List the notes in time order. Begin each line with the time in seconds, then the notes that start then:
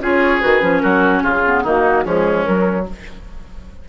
0.00 C#4 F4 G#4 C#5
0.40 D#3 F#4 B4
0.60 F3 C#4
0.79 F#3 F#4 A#4
1.23 C#3 F4 G#4
1.45 B3
1.63 D#3 A#3 D#4 F#4
2.04 F3 G#3 C#4 G#4
2.45 F#3 A#4